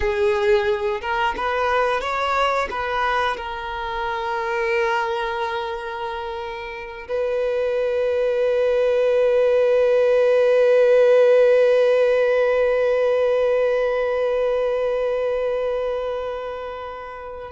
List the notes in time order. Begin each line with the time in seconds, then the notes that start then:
0.00 G#4
1.01 A#4
1.36 B4
2.00 C#5
2.70 B4
3.36 A#4
7.08 B4